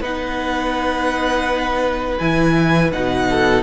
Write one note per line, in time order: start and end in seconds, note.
0.00 2.17 B3
0.00 2.19 D#4
0.00 3.26 B4
0.00 2.18 F#5
2.18 2.92 E3
2.18 2.92 E4
2.18 2.90 G#5
2.92 3.63 B2
2.92 3.63 D#4
2.92 3.63 F#5
3.29 3.63 A4